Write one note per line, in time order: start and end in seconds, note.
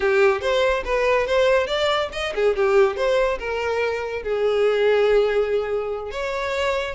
0.00 0.41 G4
0.41 0.83 C5
0.84 1.26 B4
1.26 1.66 C5
1.66 2.09 D5
2.12 2.33 D#5
2.35 2.56 G#4
2.56 2.96 G4
2.96 3.38 C5
3.39 4.23 A#4
4.23 6.11 G#4
6.11 6.94 C#5